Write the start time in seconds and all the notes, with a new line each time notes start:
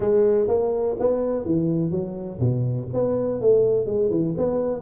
0.00 G#3
0.47 A#3
0.99 B3
1.45 E3
1.90 F#3
2.39 B2
2.93 B3
3.40 A3
3.86 G#3
4.10 E3
4.37 B3